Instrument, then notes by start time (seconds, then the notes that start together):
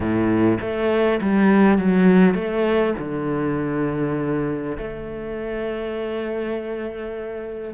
cello
0.00 A2
0.60 A3
1.21 G3
1.78 F#3
2.34 A3
2.98 D3
4.77 A3